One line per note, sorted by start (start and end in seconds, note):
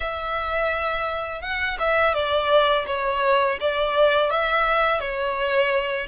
0.00 1.41 E5
1.41 1.77 F#5
1.79 2.14 E5
2.14 2.85 D5
2.86 3.58 C#5
3.60 4.30 D5
4.30 4.99 E5
4.99 6.06 C#5